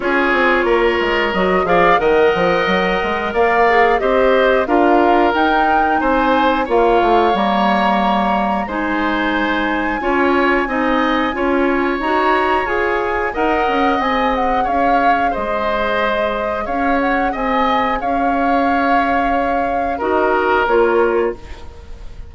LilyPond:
<<
  \new Staff \with { instrumentName = "flute" } { \time 4/4 \tempo 4 = 90 cis''2 dis''8 f''8 fis''4~ | fis''4 f''4 dis''4 f''4 | g''4 gis''4 f''4 ais''4~ | ais''4 gis''2.~ |
gis''2 ais''4 gis''4 | fis''4 gis''8 fis''8 f''4 dis''4~ | dis''4 f''8 fis''8 gis''4 f''4~ | f''2 dis''4 cis''4 | }
  \new Staff \with { instrumentName = "oboe" } { \time 4/4 gis'4 ais'4. d''8 dis''4~ | dis''4 d''4 c''4 ais'4~ | ais'4 c''4 cis''2~ | cis''4 c''2 cis''4 |
dis''4 cis''2. | dis''2 cis''4 c''4~ | c''4 cis''4 dis''4 cis''4~ | cis''2 ais'2 | }
  \new Staff \with { instrumentName = "clarinet" } { \time 4/4 f'2 fis'8 gis'8 ais'4~ | ais'4. gis'8 g'4 f'4 | dis'2 f'4 ais4~ | ais4 dis'2 f'4 |
dis'4 f'4 fis'4 gis'4 | ais'4 gis'2.~ | gis'1~ | gis'2 fis'4 f'4 | }
  \new Staff \with { instrumentName = "bassoon" } { \time 4/4 cis'8 c'8 ais8 gis8 fis8 f8 dis8 f8 | fis8 gis8 ais4 c'4 d'4 | dis'4 c'4 ais8 a8 g4~ | g4 gis2 cis'4 |
c'4 cis'4 dis'4 f'4 | dis'8 cis'8 c'4 cis'4 gis4~ | gis4 cis'4 c'4 cis'4~ | cis'2 dis'4 ais4 | }
>>